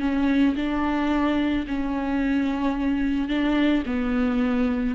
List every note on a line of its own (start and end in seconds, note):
0.00 0.55 C#4
0.56 1.66 D4
1.67 3.28 C#4
3.28 3.83 D4
3.86 4.95 B3